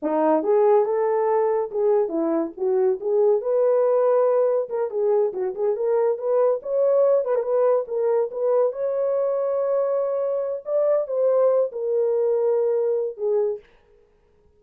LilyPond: \new Staff \with { instrumentName = "horn" } { \time 4/4 \tempo 4 = 141 dis'4 gis'4 a'2 | gis'4 e'4 fis'4 gis'4 | b'2. ais'8 gis'8~ | gis'8 fis'8 gis'8 ais'4 b'4 cis''8~ |
cis''4 b'16 ais'16 b'4 ais'4 b'8~ | b'8 cis''2.~ cis''8~ | cis''4 d''4 c''4. ais'8~ | ais'2. gis'4 | }